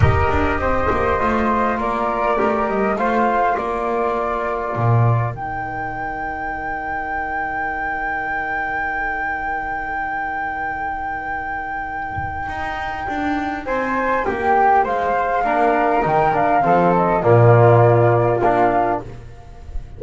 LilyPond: <<
  \new Staff \with { instrumentName = "flute" } { \time 4/4 \tempo 4 = 101 dis''2. d''4~ | d''8 dis''8 f''4 d''2~ | d''4 g''2.~ | g''1~ |
g''1~ | g''2. gis''4 | g''4 f''2 g''8 f''8~ | f''8 dis''8 d''2 f''4 | }
  \new Staff \with { instrumentName = "flute" } { \time 4/4 ais'4 c''2 ais'4~ | ais'4 c''4 ais'2~ | ais'1~ | ais'1~ |
ais'1~ | ais'2. c''4 | g'4 c''4 ais'2 | a'4 f'2. | }
  \new Staff \with { instrumentName = "trombone" } { \time 4/4 g'2 f'2 | g'4 f'2.~ | f'4 dis'2.~ | dis'1~ |
dis'1~ | dis'1~ | dis'2 d'4 dis'8 d'8 | c'4 ais2 d'4 | }
  \new Staff \with { instrumentName = "double bass" } { \time 4/4 dis'8 d'8 c'8 ais8 a4 ais4 | a8 g8 a4 ais2 | ais,4 dis2.~ | dis1~ |
dis1~ | dis4 dis'4 d'4 c'4 | ais4 gis4 ais4 dis4 | f4 ais,2 ais4 | }
>>